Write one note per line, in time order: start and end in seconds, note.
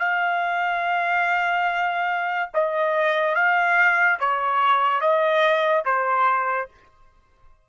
0.00 2.50 F5
2.54 3.36 D#5
3.36 4.19 F5
4.20 5.01 C#5
5.01 5.84 D#5
5.86 6.69 C5